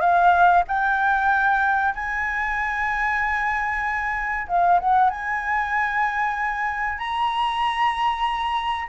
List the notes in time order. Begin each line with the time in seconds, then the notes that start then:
0.00 F5
0.68 G5
1.95 G#5
4.48 F5
4.80 F#5
5.10 G#5
6.98 A#5